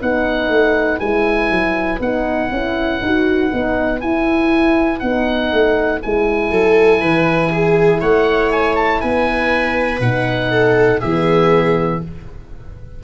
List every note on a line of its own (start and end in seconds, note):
0.00 0.48 B3
0.00 0.99 D#4
0.00 6.50 B4
0.00 0.99 F#5
0.48 0.98 A3
0.99 1.50 G#3
0.99 1.99 E4
0.99 1.99 G#5
1.50 1.99 F#3
1.99 2.49 B3
1.99 2.51 D#4
1.99 4.00 F#5
2.51 3.01 C#4
2.51 3.01 E4
3.01 3.51 D#4
3.01 3.50 F#4
3.50 4.02 B3
3.50 4.00 D#4
4.00 5.01 E4
4.00 5.02 E4
4.00 4.99 G#5
4.99 5.52 B3
4.99 6.01 D#4
4.99 5.99 F#5
5.52 6.02 A3
6.01 6.51 G#3
6.01 10.01 E4
6.01 8.01 G#5
6.50 7.01 F#3
6.50 7.00 A4
7.00 8.01 E3
7.00 7.50 B4
7.51 8.00 G#4
8.00 9.01 A3
8.00 9.00 C#5
8.00 8.51 F#5
8.51 8.75 G#5
8.75 9.00 A5
9.00 10.00 B3
9.00 10.50 B4
9.00 10.00 G#5
10.00 11.00 B2
10.00 11.02 D#4
10.00 11.00 F#5
10.50 10.99 A4
10.99 12.03 E3
10.99 12.02 B3
10.99 11.99 G#4
10.99 12.00 E5